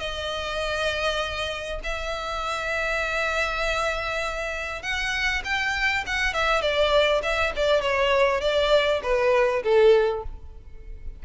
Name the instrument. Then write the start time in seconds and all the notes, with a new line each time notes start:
violin
0.00 D#5
1.84 E5
4.82 F#5
5.44 G5
6.07 F#5
6.34 E5
6.62 D5
7.23 E5
7.56 D5
7.81 C#5
8.41 D5
9.03 B4
9.64 A4